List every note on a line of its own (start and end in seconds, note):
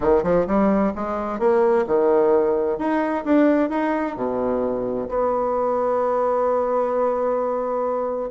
0.00 0.23 D#3
0.23 0.46 F3
0.46 0.93 G3
0.95 1.39 G#3
1.39 1.85 A#3
1.87 2.78 D#3
2.78 3.24 D#4
3.24 3.69 D4
3.69 4.15 D#4
4.16 5.08 B2
5.08 8.30 B3